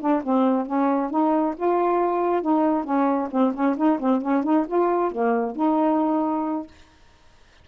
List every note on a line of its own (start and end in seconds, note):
0.00 0.22 D4
0.23 0.66 C4
0.66 1.10 C#4
1.10 1.54 D#4
1.56 2.42 F4
2.42 2.84 D#4
2.84 3.28 C#4
3.31 3.53 C4
3.54 3.76 C#4
3.77 3.99 D#4
3.99 4.21 C4
4.21 4.43 C#4
4.43 4.66 D#4
4.67 5.11 F4
5.11 5.56 A#3
5.56 6.67 D#4